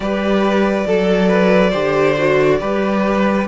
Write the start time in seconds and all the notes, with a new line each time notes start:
0.00 G3 G4 B4 D5
0.87 F#3 A4
1.28 B4
1.70 D3 G4 C5
2.18 F#4
2.59 G3 G4 B4